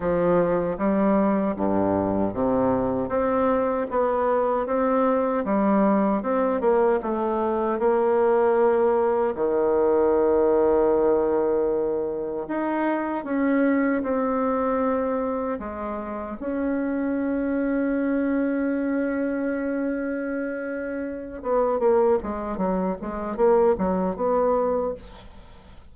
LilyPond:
\new Staff \with { instrumentName = "bassoon" } { \time 4/4 \tempo 4 = 77 f4 g4 g,4 c4 | c'4 b4 c'4 g4 | c'8 ais8 a4 ais2 | dis1 |
dis'4 cis'4 c'2 | gis4 cis'2.~ | cis'2.~ cis'8 b8 | ais8 gis8 fis8 gis8 ais8 fis8 b4 | }